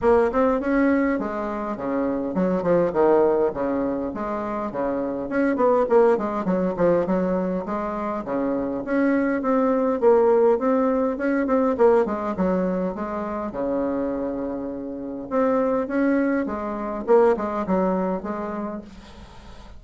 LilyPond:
\new Staff \with { instrumentName = "bassoon" } { \time 4/4 \tempo 4 = 102 ais8 c'8 cis'4 gis4 cis4 | fis8 f8 dis4 cis4 gis4 | cis4 cis'8 b8 ais8 gis8 fis8 f8 | fis4 gis4 cis4 cis'4 |
c'4 ais4 c'4 cis'8 c'8 | ais8 gis8 fis4 gis4 cis4~ | cis2 c'4 cis'4 | gis4 ais8 gis8 fis4 gis4 | }